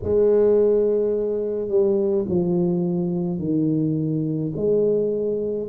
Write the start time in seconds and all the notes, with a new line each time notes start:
0.03 G#3
1.68 G3
2.28 F3
3.39 D#3
4.56 G#3